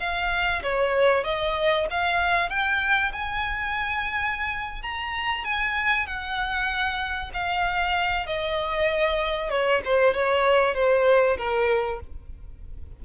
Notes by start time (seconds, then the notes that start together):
0.00 F5
0.63 C#5
1.24 D#5
1.91 F5
2.50 G5
3.12 G#5
4.83 A#5
5.45 G#5
6.07 F#5
7.34 F5
8.26 D#5
9.50 C#5
9.85 C5
10.14 C#5
10.75 C5
11.38 A#4